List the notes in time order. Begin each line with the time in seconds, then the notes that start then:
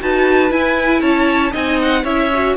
0.00 D#4 F#4 B4 A5
0.50 E4 G#5
1.01 C#4 C#5 A5
1.51 C4 D#4 D#5 G#5
1.82 F#5
2.03 C#4 E4 C#5 E5
2.33 F#4